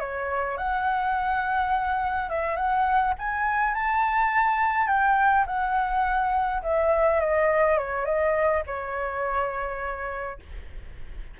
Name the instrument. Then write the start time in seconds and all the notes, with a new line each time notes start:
flute
0.00 C#5
0.57 F#5
2.30 E5
2.56 F#5
3.19 G#5
3.74 A5
4.87 G5
5.47 F#5
6.63 E5
7.20 D#5
7.78 C#5
8.05 D#5
8.67 C#5